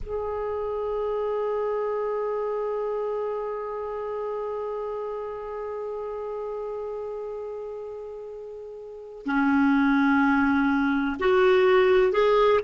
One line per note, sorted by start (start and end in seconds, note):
0.03 9.26 G#4
9.26 11.16 C#4
11.19 12.12 F#4
12.12 12.60 G#4